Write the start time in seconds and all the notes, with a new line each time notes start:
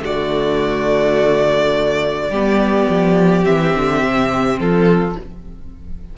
0.00 D3 A3 F#4 D5
2.30 G3 B3 G4
2.89 F3
3.43 E3 C4 E5
3.76 D3
4.03 C3
4.59 F3 F4 A4